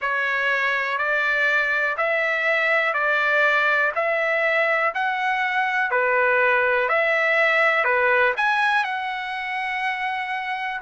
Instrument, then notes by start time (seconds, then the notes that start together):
trumpet
0.00 C#5
0.97 D5
1.97 E5
2.93 D5
3.95 E5
4.94 F#5
5.91 B4
6.89 E5
7.84 B4
8.36 G#5
8.83 F#5